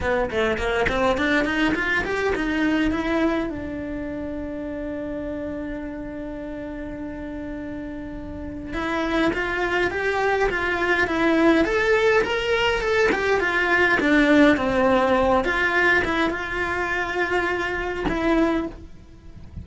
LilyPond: \new Staff \with { instrumentName = "cello" } { \time 4/4 \tempo 4 = 103 b8 a8 ais8 c'8 d'8 dis'8 f'8 g'8 | dis'4 e'4 d'2~ | d'1~ | d'2. e'4 |
f'4 g'4 f'4 e'4 | a'4 ais'4 a'8 g'8 f'4 | d'4 c'4. f'4 e'8 | f'2. e'4 | }